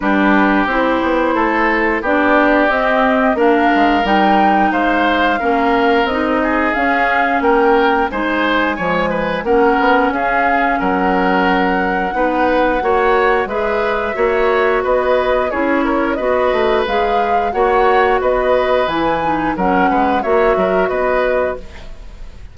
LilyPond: <<
  \new Staff \with { instrumentName = "flute" } { \time 4/4 \tempo 4 = 89 b'4 c''2 d''4 | dis''4 f''4 g''4 f''4~ | f''4 dis''4 f''4 g''4 | gis''2 fis''4 f''4 |
fis''1 | e''2 dis''4 cis''4 | dis''4 f''4 fis''4 dis''4 | gis''4 fis''4 e''4 dis''4 | }
  \new Staff \with { instrumentName = "oboe" } { \time 4/4 g'2 a'4 g'4~ | g'4 ais'2 c''4 | ais'4. gis'4. ais'4 | c''4 cis''8 b'8 ais'4 gis'4 |
ais'2 b'4 cis''4 | b'4 cis''4 b'4 gis'8 ais'8 | b'2 cis''4 b'4~ | b'4 ais'8 b'8 cis''8 ais'8 b'4 | }
  \new Staff \with { instrumentName = "clarinet" } { \time 4/4 d'4 e'2 d'4 | c'4 d'4 dis'2 | cis'4 dis'4 cis'2 | dis'4 gis4 cis'2~ |
cis'2 dis'4 fis'4 | gis'4 fis'2 e'4 | fis'4 gis'4 fis'2 | e'8 dis'8 cis'4 fis'2 | }
  \new Staff \with { instrumentName = "bassoon" } { \time 4/4 g4 c'8 b8 a4 b4 | c'4 ais8 gis8 g4 gis4 | ais4 c'4 cis'4 ais4 | gis4 f4 ais8 b8 cis'4 |
fis2 b4 ais4 | gis4 ais4 b4 cis'4 | b8 a8 gis4 ais4 b4 | e4 fis8 gis8 ais8 fis8 b4 | }
>>